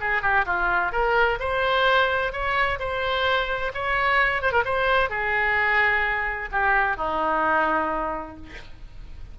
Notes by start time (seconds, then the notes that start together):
0.00 G#4
0.22 G4
0.45 F4
0.92 A#4
1.39 C5
2.32 C#5
2.79 C5
3.74 C#5
4.42 C5
4.52 A#4
4.64 C5
5.09 G#4
6.51 G4
6.97 D#4